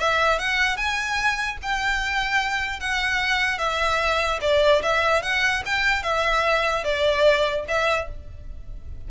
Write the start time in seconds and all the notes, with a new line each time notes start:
0.00 E5
0.39 F#5
0.77 G#5
1.63 G5
2.80 F#5
3.59 E5
4.42 D5
4.82 E5
5.22 F#5
5.66 G5
6.03 E5
6.84 D5
7.68 E5